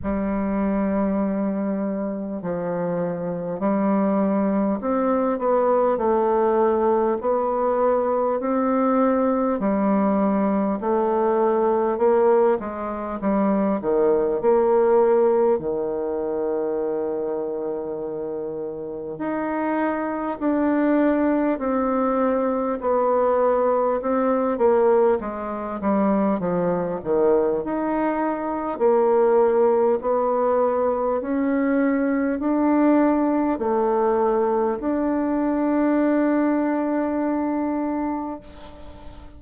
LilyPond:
\new Staff \with { instrumentName = "bassoon" } { \time 4/4 \tempo 4 = 50 g2 f4 g4 | c'8 b8 a4 b4 c'4 | g4 a4 ais8 gis8 g8 dis8 | ais4 dis2. |
dis'4 d'4 c'4 b4 | c'8 ais8 gis8 g8 f8 dis8 dis'4 | ais4 b4 cis'4 d'4 | a4 d'2. | }